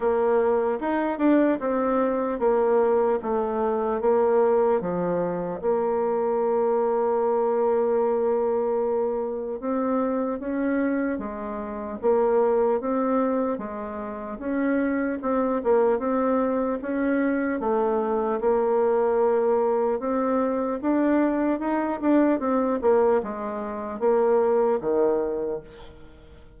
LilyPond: \new Staff \with { instrumentName = "bassoon" } { \time 4/4 \tempo 4 = 75 ais4 dis'8 d'8 c'4 ais4 | a4 ais4 f4 ais4~ | ais1 | c'4 cis'4 gis4 ais4 |
c'4 gis4 cis'4 c'8 ais8 | c'4 cis'4 a4 ais4~ | ais4 c'4 d'4 dis'8 d'8 | c'8 ais8 gis4 ais4 dis4 | }